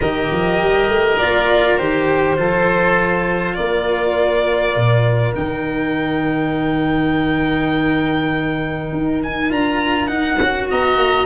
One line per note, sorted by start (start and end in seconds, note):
0.00 0.30 D#3
0.00 1.19 G4
0.00 2.36 A#4
0.00 1.18 D#5
0.31 0.60 F3
0.60 0.88 G3
0.88 1.17 A3
1.18 1.79 A#3
1.18 1.78 F4
1.18 1.76 D5
1.76 2.37 D#3
1.76 2.36 G4
1.76 3.54 C5
2.36 3.56 F3
2.36 5.33 F4
2.36 3.56 A4
3.54 4.75 A#3
3.54 10.69 A#4
3.54 5.32 D5
4.75 5.35 A#2
5.35 8.92 D#3
5.35 9.49 D#4
5.35 9.21 G5
8.92 9.51 D#4
9.23 9.52 G#5
9.49 10.09 D4
9.49 10.07 F4
9.49 10.07 A#5
10.07 10.37 D#4
10.07 10.39 D#4
10.07 10.66 F#5
10.40 10.70 C#4
10.40 11.25 F#4
10.69 10.96 B3
10.69 11.25 D#5
10.69 11.25 A#5
10.96 11.25 A#3